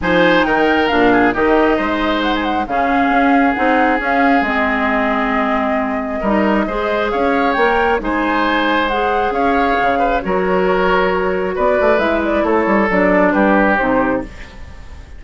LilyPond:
<<
  \new Staff \with { instrumentName = "flute" } { \time 4/4 \tempo 4 = 135 gis''4 g''4 f''4 dis''4~ | dis''4 fis''16 gis''16 fis''8 f''2 | fis''4 f''4 dis''2~ | dis''1 |
f''4 g''4 gis''2 | fis''4 f''2 cis''4~ | cis''2 d''4 e''8 d''8 | cis''4 d''4 b'4 c''4 | }
  \new Staff \with { instrumentName = "oboe" } { \time 4/4 c''4 ais'4. gis'8 g'4 | c''2 gis'2~ | gis'1~ | gis'2 ais'4 c''4 |
cis''2 c''2~ | c''4 cis''4. b'8 ais'4~ | ais'2 b'2 | a'2 g'2 | }
  \new Staff \with { instrumentName = "clarinet" } { \time 4/4 dis'2 d'4 dis'4~ | dis'2 cis'2 | dis'4 cis'4 c'2~ | c'2 dis'4 gis'4~ |
gis'4 ais'4 dis'2 | gis'2. fis'4~ | fis'2. e'4~ | e'4 d'2 dis'4 | }
  \new Staff \with { instrumentName = "bassoon" } { \time 4/4 f4 dis4 ais,4 dis4 | gis2 cis4 cis'4 | c'4 cis'4 gis2~ | gis2 g4 gis4 |
cis'4 ais4 gis2~ | gis4 cis'4 cis4 fis4~ | fis2 b8 a8 gis4 | a8 g8 fis4 g4 c4 | }
>>